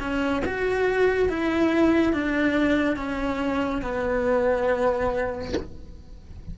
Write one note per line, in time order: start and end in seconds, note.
0.00 0.43 C#4
0.45 1.29 F#4
1.29 2.13 E4
2.13 2.96 D4
2.96 3.82 C#4
3.82 5.53 B3